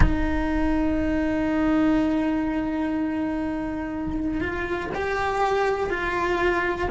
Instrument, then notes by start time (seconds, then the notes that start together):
cello
0.00 D#4
4.40 F4
4.94 G4
5.90 F4